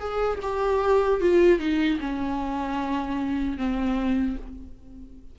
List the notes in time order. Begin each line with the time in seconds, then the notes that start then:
0.00 G#4
0.42 G4
1.21 F4
1.60 D#4
2.01 C#4
3.57 C4